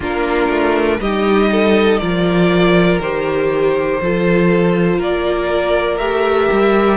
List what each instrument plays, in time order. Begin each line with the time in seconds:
0.00 cello A#3, viola D4, violin F4 A#4
0.49 cello A3
1.00 cello G3, viola D#4, violin G4 D#5
1.51 violin A4
1.97 cello F3, viola F4, violin A#4 D5
2.99 cello D#3, viola G4, violin C5
4.01 cello F3, viola F4, violin A4
4.97 cello A#3, violin A#4 D5
5.98 cello A3, viola G4, violin E5
6.51 cello G3